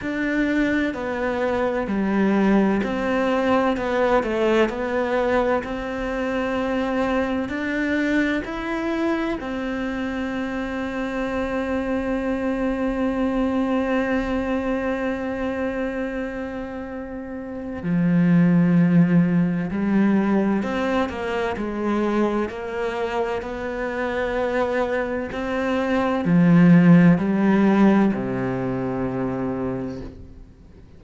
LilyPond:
\new Staff \with { instrumentName = "cello" } { \time 4/4 \tempo 4 = 64 d'4 b4 g4 c'4 | b8 a8 b4 c'2 | d'4 e'4 c'2~ | c'1~ |
c'2. f4~ | f4 g4 c'8 ais8 gis4 | ais4 b2 c'4 | f4 g4 c2 | }